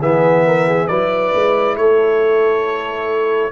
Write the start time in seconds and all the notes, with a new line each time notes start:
0.00 E3 B3 G#4 E5
0.47 A#4
0.67 G#4
0.87 F#3 E4 B4 D5
1.34 G#3
1.75 A3 A4 C#5